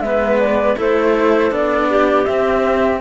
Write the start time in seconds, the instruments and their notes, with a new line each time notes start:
0.00 cello G#3 B3, clarinet B4, flute E5
0.39 flute D5
0.76 cello A3 E4, clarinet A4, flute C5
1.50 cello B3 D4, flute D5
1.90 clarinet G4
2.25 cello C4, flute E5